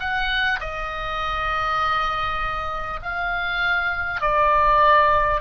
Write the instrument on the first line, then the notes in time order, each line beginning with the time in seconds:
oboe
0.00 F#5
0.61 D#5
3.03 F5
4.21 D5